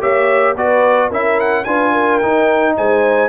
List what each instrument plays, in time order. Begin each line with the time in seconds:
0.00 tuba A#3, trombone G4, horn C#5, trumpet E5
0.55 tuba B3, trombone F#4, horn B4, trumpet D5
1.09 tuba C#4, trombone E4, horn A#4, trumpet E5
1.40 trumpet F#5
1.64 tuba D4, trombone F4, horn B4, trumpet G#5
1.91 horn A#4
2.19 trombone D#4, tuba D#4, trumpet G5
2.76 tuba G#3, horn C5, trumpet G#5